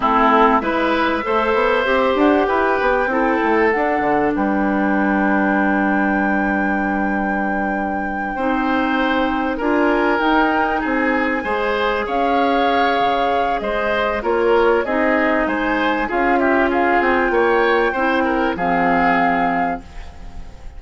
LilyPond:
<<
  \new Staff \with { instrumentName = "flute" } { \time 4/4 \tempo 4 = 97 a'4 e''2~ e''8 fis''8 | g''2 fis''4 g''4~ | g''1~ | g''2.~ g''8 gis''8~ |
gis''8 g''4 gis''2 f''8~ | f''2 dis''4 cis''4 | dis''4 gis''4 f''8 e''8 f''8 g''8~ | g''2 f''2 | }
  \new Staff \with { instrumentName = "oboe" } { \time 4/4 e'4 b'4 c''2 | b'4 a'2 b'4~ | b'1~ | b'4. c''2 ais'8~ |
ais'4. gis'4 c''4 cis''8~ | cis''2 c''4 ais'4 | gis'4 c''4 gis'8 g'8 gis'4 | cis''4 c''8 ais'8 gis'2 | }
  \new Staff \with { instrumentName = "clarinet" } { \time 4/4 c'4 e'4 a'4 g'4~ | g'4 e'4 d'2~ | d'1~ | d'4. dis'2 f'8~ |
f'8 dis'2 gis'4.~ | gis'2. f'4 | dis'2 f'2~ | f'4 e'4 c'2 | }
  \new Staff \with { instrumentName = "bassoon" } { \time 4/4 a4 gis4 a8 b8 c'8 d'8 | e'8 b8 c'8 a8 d'8 d8 g4~ | g1~ | g4. c'2 d'8~ |
d'8 dis'4 c'4 gis4 cis'8~ | cis'4 cis4 gis4 ais4 | c'4 gis4 cis'4. c'8 | ais4 c'4 f2 | }
>>